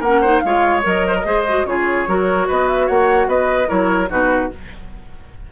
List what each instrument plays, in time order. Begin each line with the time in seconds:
0.00 bassoon A#3, clarinet C#4, oboe A#4, flute F#5
0.21 clarinet D#4, oboe C5
0.40 bassoon G#3, clarinet F4, flute F5
0.46 oboe C#5
0.83 bassoon F#3, clarinet A#4, flute D#5
1.07 oboe C5
1.16 oboe A#4
1.24 bassoon G#3, clarinet G#4, oboe C5
1.48 clarinet F#4
1.65 bassoon C#3, clarinet F4, oboe G#4, flute C#5
2.07 bassoon F#3, clarinet F#4, oboe A#4
2.48 bassoon B3, oboe B4, flute D#5
2.68 flute E5
2.86 bassoon A#3, oboe C#5, flute F#5
3.27 bassoon B3, oboe B4, flute D#5
3.67 bassoon F#3, clarinet E4, oboe A#4, flute C#5
4.09 bassoon B2, clarinet D#4, oboe F#4, flute B4